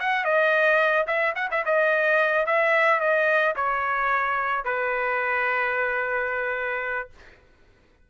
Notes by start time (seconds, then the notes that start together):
0.00 F#5
0.25 D#5
1.07 E5
1.36 F#5
1.51 E5
1.66 D#5
2.46 E5
3.00 D#5
3.56 C#5
4.65 B4